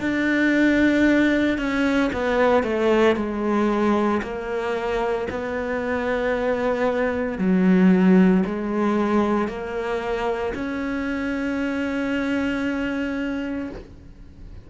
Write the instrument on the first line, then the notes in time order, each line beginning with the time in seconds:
cello
0.00 D4
1.58 C#4
2.13 B3
2.63 A3
3.16 G#3
4.22 A#3
5.30 B3
7.38 F#3
8.46 G#3
9.48 A#3
10.55 C#4